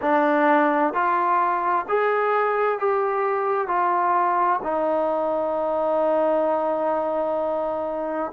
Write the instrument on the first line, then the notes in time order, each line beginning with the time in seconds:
trombone
0.01 D4
0.93 F4
1.88 G#4
2.79 G4
3.67 F4
4.62 D#4